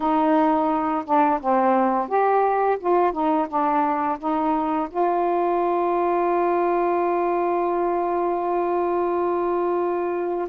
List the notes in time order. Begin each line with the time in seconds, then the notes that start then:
0.00 D#4
1.05 D4
1.40 C4
2.08 G4
2.79 F4
3.12 D#4
3.48 D4
4.18 D#4
4.90 F4